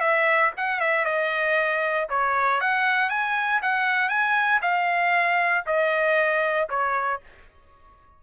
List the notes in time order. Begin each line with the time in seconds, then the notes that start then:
0.00 E5
0.57 F#5
0.80 E5
1.05 D#5
2.09 C#5
2.61 F#5
3.09 G#5
3.62 F#5
4.09 G#5
4.62 F5
5.66 D#5
6.69 C#5